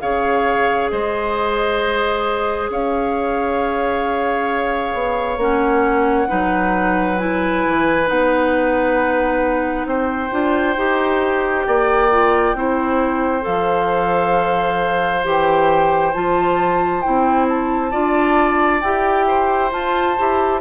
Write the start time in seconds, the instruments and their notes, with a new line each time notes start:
0.00 bassoon C#3, clarinet G#4, oboe C#5, flute F5
0.90 bassoon G#3, oboe C5, flute D#5
2.69 bassoon C#4, oboe C#5, flute F5
4.93 bassoon B3
5.37 bassoon A#3, clarinet C#4, flute F#5
6.28 bassoon F#3, clarinet D#4, oboe B4
7.18 clarinet E4, flute G#5
7.66 bassoon E3
8.06 bassoon B3, clarinet D#4, flute F#5
9.85 bassoon C4, oboe C5, flute G5
10.31 bassoon D4, clarinet F4
10.77 bassoon D#4, clarinet G4
11.67 bassoon A#3, oboe D5
12.11 clarinet F4
12.54 bassoon C4, clarinet E4, oboe C5
13.41 bassoon F3, clarinet A4, flute F5
15.24 bassoon E3, clarinet G4, flute G5
16.13 bassoon F3, clarinet F4, flute A5
17.01 bassoon C4, clarinet E4, flute G5
17.48 flute A5
17.91 bassoon D4, clarinet F4, oboe D5
18.81 bassoon E4, clarinet G4, flute G5
19.27 oboe C5
19.71 clarinet F4, bassoon F4, flute A5
20.18 bassoon E4, clarinet G4